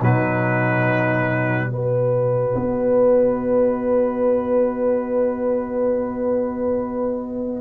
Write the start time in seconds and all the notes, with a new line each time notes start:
0.00 B2 F#3 D#4 B4
1.71 F#4 B4 D#5
2.55 B3